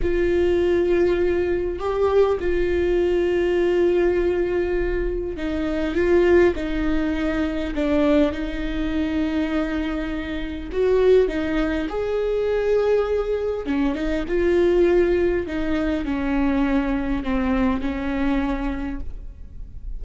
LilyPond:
\new Staff \with { instrumentName = "viola" } { \time 4/4 \tempo 4 = 101 f'2. g'4 | f'1~ | f'4 dis'4 f'4 dis'4~ | dis'4 d'4 dis'2~ |
dis'2 fis'4 dis'4 | gis'2. cis'8 dis'8 | f'2 dis'4 cis'4~ | cis'4 c'4 cis'2 | }